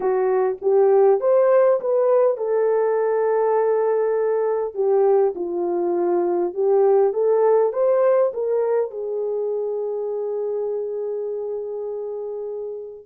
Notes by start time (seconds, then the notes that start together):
0.00 F#4
0.61 G4
1.20 C5
1.80 B4
2.37 A4
4.74 G4
5.35 F4
6.54 G4
7.13 A4
7.72 C5
8.33 A#4
8.90 G#4